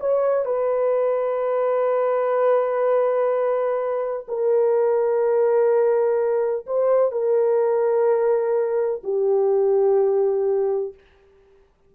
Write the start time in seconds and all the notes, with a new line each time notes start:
0.00 C#5
0.45 B4
4.28 A#4
6.67 C5
7.12 A#4
9.04 G4